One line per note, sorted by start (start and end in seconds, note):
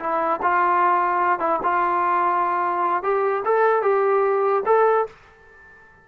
0.00 0.41 E4
0.42 1.40 F4
1.40 1.60 E4
1.63 3.03 F4
3.03 3.43 G4
3.45 3.82 A4
3.82 4.63 G4
4.66 5.07 A4